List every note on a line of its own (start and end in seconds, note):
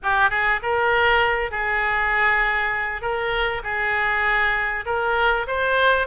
0.02 0.30 G4
0.30 0.60 G#4
0.62 1.51 A#4
1.51 3.01 G#4
3.01 3.62 A#4
3.63 4.85 G#4
4.85 5.46 A#4
5.47 6.07 C5